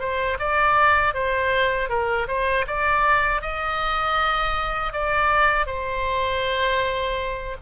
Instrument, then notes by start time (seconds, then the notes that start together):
oboe
0.00 C5
0.40 D5
1.14 C5
1.90 A#4
2.28 C5
2.68 D5
3.42 D#5
4.93 D5
5.67 C5